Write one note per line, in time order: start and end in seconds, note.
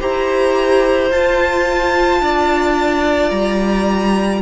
0.00 1.11 E4
0.00 1.12 G4
0.00 2.22 C5
0.00 1.12 A#5
1.11 2.21 F4
1.11 4.42 F4
1.11 3.31 A5
2.21 3.31 D4
2.21 4.42 D5
3.31 4.42 G3
3.31 4.42 A#5